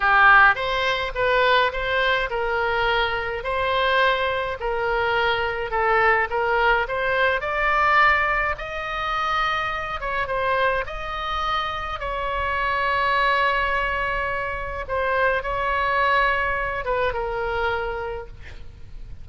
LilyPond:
\new Staff \with { instrumentName = "oboe" } { \time 4/4 \tempo 4 = 105 g'4 c''4 b'4 c''4 | ais'2 c''2 | ais'2 a'4 ais'4 | c''4 d''2 dis''4~ |
dis''4. cis''8 c''4 dis''4~ | dis''4 cis''2.~ | cis''2 c''4 cis''4~ | cis''4. b'8 ais'2 | }